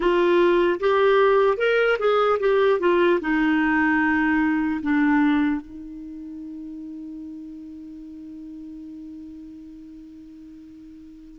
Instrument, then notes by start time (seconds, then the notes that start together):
clarinet
0.00 F4
0.80 G4
1.57 A#4
1.99 G#4
2.39 G4
2.79 F4
3.20 D#4
4.82 D4
5.61 D#4